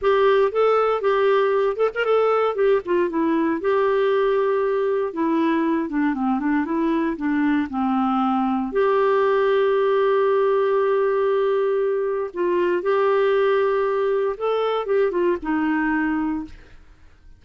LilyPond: \new Staff \with { instrumentName = "clarinet" } { \time 4/4 \tempo 4 = 117 g'4 a'4 g'4. a'16 ais'16 | a'4 g'8 f'8 e'4 g'4~ | g'2 e'4. d'8 | c'8 d'8 e'4 d'4 c'4~ |
c'4 g'2.~ | g'1 | f'4 g'2. | a'4 g'8 f'8 dis'2 | }